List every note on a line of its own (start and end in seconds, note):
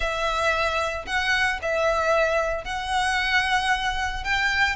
0.00 1.05 E5
1.06 1.59 F#5
1.62 2.64 E5
2.64 4.23 F#5
4.24 4.76 G5